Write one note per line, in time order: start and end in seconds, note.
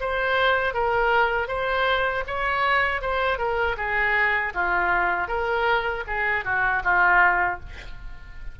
0.00 0.74 C5
0.74 1.48 A#4
1.48 2.24 C5
2.26 3.01 C#5
3.01 3.38 C5
3.38 3.76 A#4
3.77 4.53 G#4
4.54 5.28 F4
5.28 6.03 A#4
6.07 6.44 G#4
6.44 6.82 F#4
6.84 7.59 F4